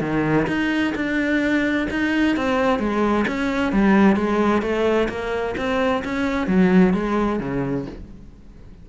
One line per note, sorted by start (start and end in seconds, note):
0.00 0.46 D#3
0.47 0.93 D#4
0.95 1.87 D4
1.90 2.36 D#4
2.36 2.79 C4
2.79 3.25 G#3
3.27 3.72 C#4
3.72 4.16 G3
4.16 4.62 G#3
4.62 5.08 A3
5.09 5.55 A#3
5.57 6.03 C4
6.04 6.47 C#4
6.47 6.93 F#3
6.93 7.39 G#3
7.39 7.85 C#3